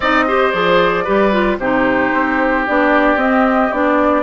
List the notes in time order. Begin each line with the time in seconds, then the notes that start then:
0.00 C4 D#4 D5 D#5
0.27 G4 C5
0.51 F3 G#4 D5
1.04 G3 G4 B4
1.32 F4
1.58 C3 D#4 G4 C5
2.13 C4
2.67 B3 D4 D5
3.16 C4 D#5
3.71 B3 D4 D5